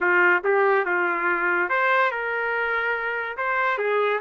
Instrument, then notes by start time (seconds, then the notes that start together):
trumpet
0.00 F4
0.43 G4
0.85 F4
1.69 C5
2.11 A#4
3.37 C5
3.77 G#4